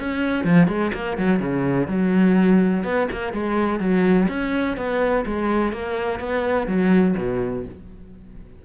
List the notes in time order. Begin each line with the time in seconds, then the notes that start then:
0.00 C#4
0.45 F3
0.68 G#3
0.94 A#3
1.17 F#3
1.40 C#3
1.88 F#3
2.84 B3
3.12 A#3
3.33 G#3
3.80 F#3
4.29 C#4
4.77 B3
5.26 G#3
5.73 A#3
6.20 B3
6.67 F#3
7.17 B2